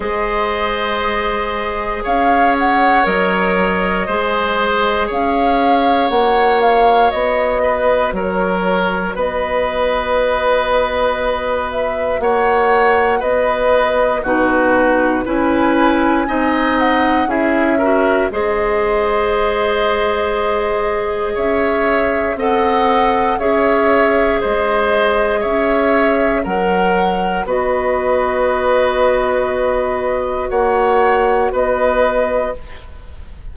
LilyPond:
<<
  \new Staff \with { instrumentName = "flute" } { \time 4/4 \tempo 4 = 59 dis''2 f''8 fis''8 dis''4~ | dis''4 f''4 fis''8 f''8 dis''4 | cis''4 dis''2~ dis''8 e''8 | fis''4 dis''4 b'4 gis''4~ |
gis''8 fis''8 e''4 dis''2~ | dis''4 e''4 fis''4 e''4 | dis''4 e''4 fis''4 dis''4~ | dis''2 fis''4 dis''4 | }
  \new Staff \with { instrumentName = "oboe" } { \time 4/4 c''2 cis''2 | c''4 cis''2~ cis''8 b'8 | ais'4 b'2. | cis''4 b'4 fis'4 b'4 |
dis''4 gis'8 ais'8 c''2~ | c''4 cis''4 dis''4 cis''4 | c''4 cis''4 ais'4 b'4~ | b'2 cis''4 b'4 | }
  \new Staff \with { instrumentName = "clarinet" } { \time 4/4 gis'2. ais'4 | gis'2 fis'2~ | fis'1~ | fis'2 dis'4 e'4 |
dis'4 e'8 fis'8 gis'2~ | gis'2 a'4 gis'4~ | gis'2 ais'4 fis'4~ | fis'1 | }
  \new Staff \with { instrumentName = "bassoon" } { \time 4/4 gis2 cis'4 fis4 | gis4 cis'4 ais4 b4 | fis4 b2. | ais4 b4 b,4 cis'4 |
c'4 cis'4 gis2~ | gis4 cis'4 c'4 cis'4 | gis4 cis'4 fis4 b4~ | b2 ais4 b4 | }
>>